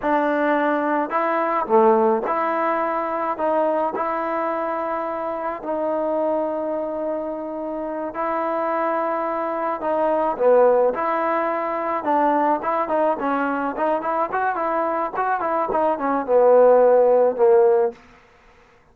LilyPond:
\new Staff \with { instrumentName = "trombone" } { \time 4/4 \tempo 4 = 107 d'2 e'4 a4 | e'2 dis'4 e'4~ | e'2 dis'2~ | dis'2~ dis'8 e'4.~ |
e'4. dis'4 b4 e'8~ | e'4. d'4 e'8 dis'8 cis'8~ | cis'8 dis'8 e'8 fis'8 e'4 fis'8 e'8 | dis'8 cis'8 b2 ais4 | }